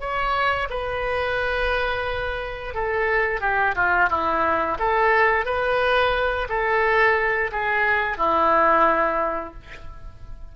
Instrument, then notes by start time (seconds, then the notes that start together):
oboe
0.00 C#5
0.70 B4
2.74 A4
3.41 G4
3.75 F4
4.10 E4
4.79 A4
5.45 B4
6.49 A4
7.52 G#4
8.17 E4